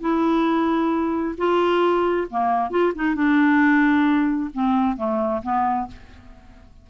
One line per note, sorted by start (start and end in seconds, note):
0.00 1.35 E4
1.37 2.27 F4
2.30 2.70 A#3
2.70 2.92 F4
2.95 3.15 D#4
3.15 4.50 D4
4.53 4.96 C4
4.96 5.42 A3
5.42 5.87 B3